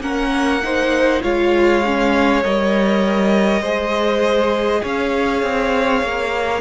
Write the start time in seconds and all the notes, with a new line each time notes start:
0.00 A#3 C#4 A#4 F#5
0.63 D#4 C5
1.23 G#3 F4 C#5 F5
1.85 C#4
2.43 G3 A#4 D#5
3.61 G#3 G#4 C5
4.82 C#4 C#5 F5
5.42 C4
6.02 A#3